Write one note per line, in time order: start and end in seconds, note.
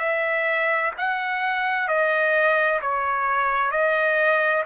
0.00 0.92 E5
0.98 1.88 F#5
1.88 2.81 D#5
2.82 3.72 C#5
3.72 4.64 D#5